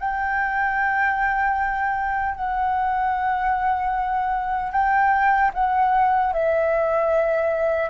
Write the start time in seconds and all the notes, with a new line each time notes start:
0.00 G5
2.35 F#5
4.73 G5
5.54 F#5
6.33 E5